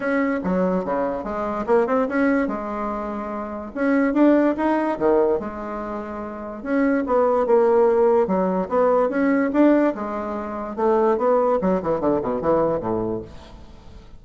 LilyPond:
\new Staff \with { instrumentName = "bassoon" } { \time 4/4 \tempo 4 = 145 cis'4 fis4 cis4 gis4 | ais8 c'8 cis'4 gis2~ | gis4 cis'4 d'4 dis'4 | dis4 gis2. |
cis'4 b4 ais2 | fis4 b4 cis'4 d'4 | gis2 a4 b4 | fis8 e8 d8 b,8 e4 a,4 | }